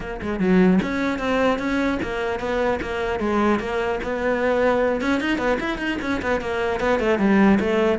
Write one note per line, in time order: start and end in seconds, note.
0.00 0.20 A#3
0.22 0.39 G#3
0.39 0.79 F#3
0.82 1.18 C#4
1.18 1.58 C4
1.58 1.98 C#4
2.02 2.39 A#3
2.39 2.79 B3
2.81 3.19 A#3
3.19 3.59 G#3
3.59 3.99 A#3
4.03 5.01 B3
5.01 5.20 C#4
5.20 5.38 D#4
5.38 5.58 B3
5.59 5.78 E4
5.78 5.98 D#4
6.01 6.21 C#4
6.22 6.40 B3
6.40 6.79 A#3
6.79 6.99 B3
6.99 7.19 A3
7.19 7.59 G3
7.60 7.98 A3